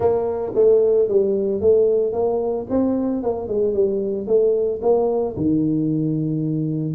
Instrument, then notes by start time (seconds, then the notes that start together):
tuba
0.00 A#3
0.54 A3
1.08 G3
1.60 A3
2.12 A#3
2.69 C4
3.22 A#3
3.48 G#3
3.73 G3
4.27 A3
4.82 A#3
5.36 D#3